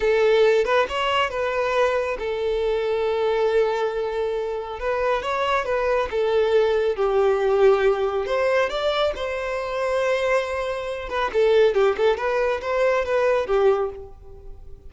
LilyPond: \new Staff \with { instrumentName = "violin" } { \time 4/4 \tempo 4 = 138 a'4. b'8 cis''4 b'4~ | b'4 a'2.~ | a'2. b'4 | cis''4 b'4 a'2 |
g'2. c''4 | d''4 c''2.~ | c''4. b'8 a'4 g'8 a'8 | b'4 c''4 b'4 g'4 | }